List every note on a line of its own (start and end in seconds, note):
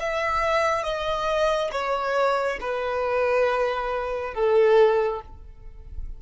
0.00 0.84 E5
0.84 1.71 D#5
1.72 2.59 C#5
2.60 4.34 B4
4.34 5.21 A4